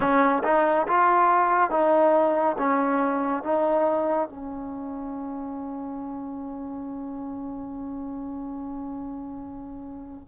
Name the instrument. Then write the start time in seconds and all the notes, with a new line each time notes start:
trombone
0.00 C#4
0.43 D#4
0.87 F4
1.70 D#4
2.58 C#4
3.43 D#4
4.29 C#4